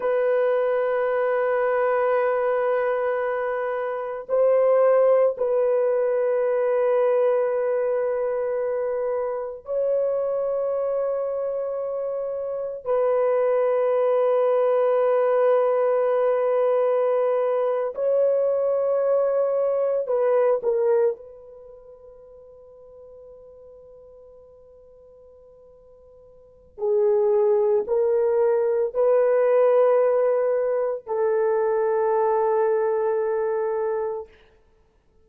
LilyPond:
\new Staff \with { instrumentName = "horn" } { \time 4/4 \tempo 4 = 56 b'1 | c''4 b'2.~ | b'4 cis''2. | b'1~ |
b'8. cis''2 b'8 ais'8 b'16~ | b'1~ | b'4 gis'4 ais'4 b'4~ | b'4 a'2. | }